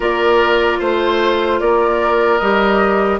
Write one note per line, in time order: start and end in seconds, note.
0.00 0.77 A#3
0.00 2.40 F4
0.00 0.79 A#4
0.00 0.81 D5
0.79 1.60 A3
0.79 1.59 C5
0.79 1.60 C5
1.60 2.40 A#3
1.60 3.19 A#4
1.60 2.38 D5
2.38 3.19 G3
2.38 3.19 G4
2.38 3.18 D#5